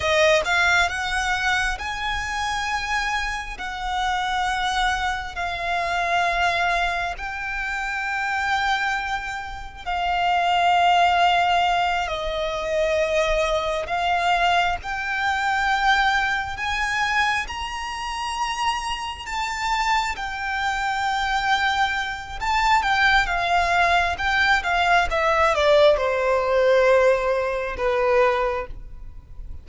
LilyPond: \new Staff \with { instrumentName = "violin" } { \time 4/4 \tempo 4 = 67 dis''8 f''8 fis''4 gis''2 | fis''2 f''2 | g''2. f''4~ | f''4. dis''2 f''8~ |
f''8 g''2 gis''4 ais''8~ | ais''4. a''4 g''4.~ | g''4 a''8 g''8 f''4 g''8 f''8 | e''8 d''8 c''2 b'4 | }